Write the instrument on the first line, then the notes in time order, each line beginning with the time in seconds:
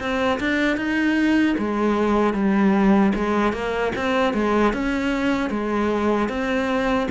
cello
0.00 C4
0.40 D4
0.77 D#4
1.58 G#3
2.34 G3
3.15 G#3
3.53 A#3
3.96 C4
4.34 G#3
4.74 C#4
5.50 G#3
6.29 C4